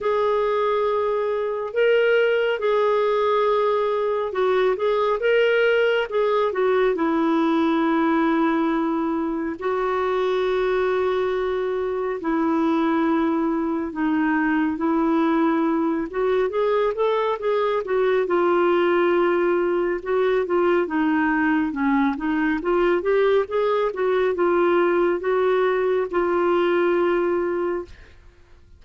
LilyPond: \new Staff \with { instrumentName = "clarinet" } { \time 4/4 \tempo 4 = 69 gis'2 ais'4 gis'4~ | gis'4 fis'8 gis'8 ais'4 gis'8 fis'8 | e'2. fis'4~ | fis'2 e'2 |
dis'4 e'4. fis'8 gis'8 a'8 | gis'8 fis'8 f'2 fis'8 f'8 | dis'4 cis'8 dis'8 f'8 g'8 gis'8 fis'8 | f'4 fis'4 f'2 | }